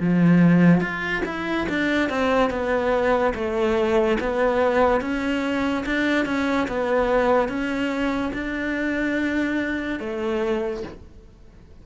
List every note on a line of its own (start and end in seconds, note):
0.00 0.81 F3
0.81 1.22 F4
1.26 1.67 E4
1.69 2.09 D4
2.09 2.50 C4
2.50 3.33 B3
3.34 4.18 A3
4.20 5.01 B3
5.01 5.84 C#4
5.86 6.26 D4
6.26 6.67 C#4
6.68 7.48 B3
7.48 8.32 C#4
8.34 10.00 D4
10.00 10.83 A3